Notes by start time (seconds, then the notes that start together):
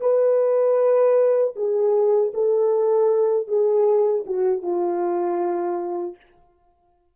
0.00 B4
1.56 G#4
2.34 A4
3.48 G#4
4.26 F#4
4.62 F4